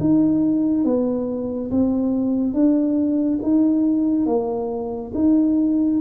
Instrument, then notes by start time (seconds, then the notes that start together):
tuba
0.00 D#4
0.85 B3
1.71 C4
2.54 D4
3.43 D#4
4.26 A#3
5.15 D#4